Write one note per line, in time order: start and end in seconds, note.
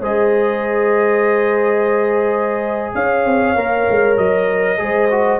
0.00 2.94 G#3
0.00 3.56 G#4
0.00 2.95 C5
0.00 2.94 D#5
2.94 3.25 C#4
2.94 4.81 C#5
2.94 4.17 F5
3.25 3.55 C4
3.55 3.86 A#3
3.55 4.77 A#4
3.90 4.18 G#3
4.17 4.80 F#3
4.17 5.39 D#5
4.77 5.39 G#3
4.77 5.08 G#4
4.77 5.39 C5
5.11 5.39 F#4